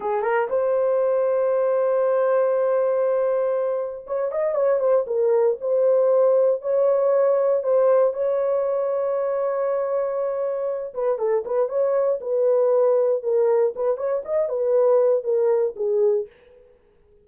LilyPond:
\new Staff \with { instrumentName = "horn" } { \time 4/4 \tempo 4 = 118 gis'8 ais'8 c''2.~ | c''1 | cis''8 dis''8 cis''8 c''8 ais'4 c''4~ | c''4 cis''2 c''4 |
cis''1~ | cis''4. b'8 a'8 b'8 cis''4 | b'2 ais'4 b'8 cis''8 | dis''8 b'4. ais'4 gis'4 | }